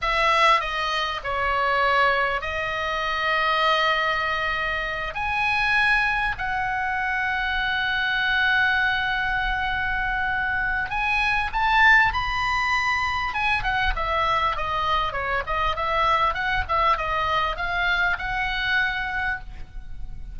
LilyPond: \new Staff \with { instrumentName = "oboe" } { \time 4/4 \tempo 4 = 99 e''4 dis''4 cis''2 | dis''1~ | dis''8 gis''2 fis''4.~ | fis''1~ |
fis''2 gis''4 a''4 | b''2 gis''8 fis''8 e''4 | dis''4 cis''8 dis''8 e''4 fis''8 e''8 | dis''4 f''4 fis''2 | }